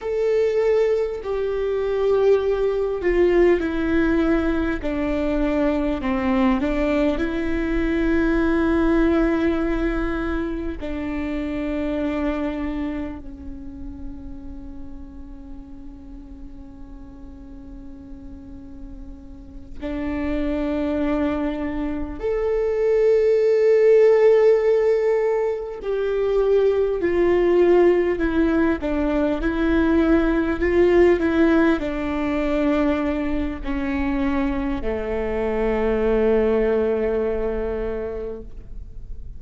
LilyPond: \new Staff \with { instrumentName = "viola" } { \time 4/4 \tempo 4 = 50 a'4 g'4. f'8 e'4 | d'4 c'8 d'8 e'2~ | e'4 d'2 cis'4~ | cis'1~ |
cis'8 d'2 a'4.~ | a'4. g'4 f'4 e'8 | d'8 e'4 f'8 e'8 d'4. | cis'4 a2. | }